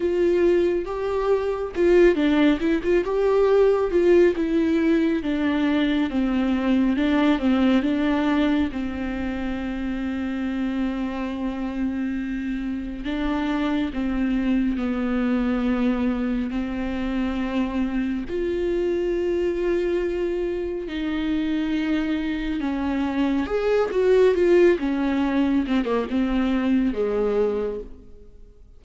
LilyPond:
\new Staff \with { instrumentName = "viola" } { \time 4/4 \tempo 4 = 69 f'4 g'4 f'8 d'8 e'16 f'16 g'8~ | g'8 f'8 e'4 d'4 c'4 | d'8 c'8 d'4 c'2~ | c'2. d'4 |
c'4 b2 c'4~ | c'4 f'2. | dis'2 cis'4 gis'8 fis'8 | f'8 cis'4 c'16 ais16 c'4 gis4 | }